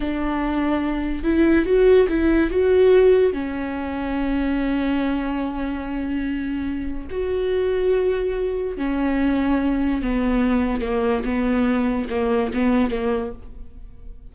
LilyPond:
\new Staff \with { instrumentName = "viola" } { \time 4/4 \tempo 4 = 144 d'2. e'4 | fis'4 e'4 fis'2 | cis'1~ | cis'1~ |
cis'4 fis'2.~ | fis'4 cis'2. | b2 ais4 b4~ | b4 ais4 b4 ais4 | }